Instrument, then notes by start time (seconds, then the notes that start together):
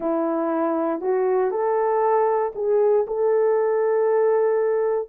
horn
0.00 E4
1.00 F#4
1.50 A4
2.55 G#4
3.07 A4